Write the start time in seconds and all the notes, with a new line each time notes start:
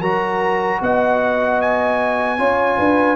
0.00 F#3 F#4 A#4 A#5
0.81 B3 D#5 F#5
1.62 G#5
2.39 C#4 F4 C#5
2.78 D4 B4